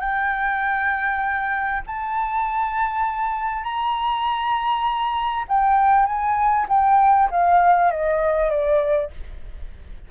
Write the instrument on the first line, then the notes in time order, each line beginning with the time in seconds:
flute
0.00 G5
1.86 A5
3.63 A#5
5.48 G5
6.05 G#5
6.68 G5
7.30 F5
7.91 D#5
8.50 D5